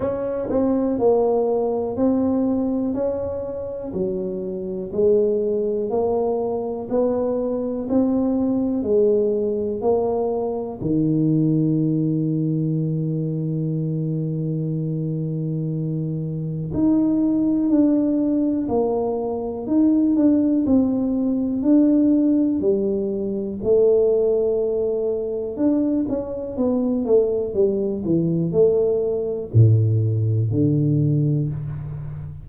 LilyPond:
\new Staff \with { instrumentName = "tuba" } { \time 4/4 \tempo 4 = 61 cis'8 c'8 ais4 c'4 cis'4 | fis4 gis4 ais4 b4 | c'4 gis4 ais4 dis4~ | dis1~ |
dis4 dis'4 d'4 ais4 | dis'8 d'8 c'4 d'4 g4 | a2 d'8 cis'8 b8 a8 | g8 e8 a4 a,4 d4 | }